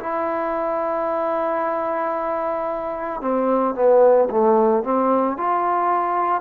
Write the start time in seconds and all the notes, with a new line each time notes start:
0.00 E4
3.21 C4
3.75 B3
4.31 A3
4.84 C4
5.37 F4